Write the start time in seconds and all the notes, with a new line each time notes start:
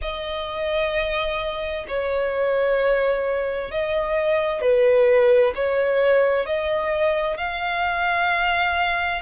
0.01 D#5
1.88 C#5
3.71 D#5
4.61 B4
5.55 C#5
6.46 D#5
7.37 F5